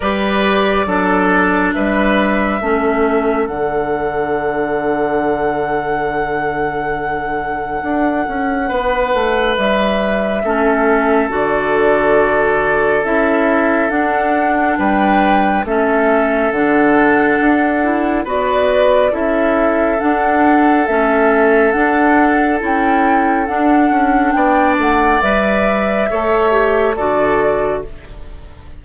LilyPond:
<<
  \new Staff \with { instrumentName = "flute" } { \time 4/4 \tempo 4 = 69 d''2 e''2 | fis''1~ | fis''2. e''4~ | e''4 d''2 e''4 |
fis''4 g''4 e''4 fis''4~ | fis''4 d''4 e''4 fis''4 | e''4 fis''4 g''4 fis''4 | g''8 fis''8 e''2 d''4 | }
  \new Staff \with { instrumentName = "oboe" } { \time 4/4 b'4 a'4 b'4 a'4~ | a'1~ | a'2 b'2 | a'1~ |
a'4 b'4 a'2~ | a'4 b'4 a'2~ | a'1 | d''2 cis''4 a'4 | }
  \new Staff \with { instrumentName = "clarinet" } { \time 4/4 g'4 d'2 cis'4 | d'1~ | d'1 | cis'4 fis'2 e'4 |
d'2 cis'4 d'4~ | d'8 e'8 fis'4 e'4 d'4 | cis'4 d'4 e'4 d'4~ | d'4 b'4 a'8 g'8 fis'4 | }
  \new Staff \with { instrumentName = "bassoon" } { \time 4/4 g4 fis4 g4 a4 | d1~ | d4 d'8 cis'8 b8 a8 g4 | a4 d2 cis'4 |
d'4 g4 a4 d4 | d'4 b4 cis'4 d'4 | a4 d'4 cis'4 d'8 cis'8 | b8 a8 g4 a4 d4 | }
>>